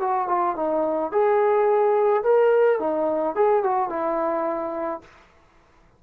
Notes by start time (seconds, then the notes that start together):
0.00 F#4
0.28 F4
0.56 D#4
1.12 G#4
2.24 A#4
2.80 D#4
3.36 G#4
3.63 F#4
3.89 E4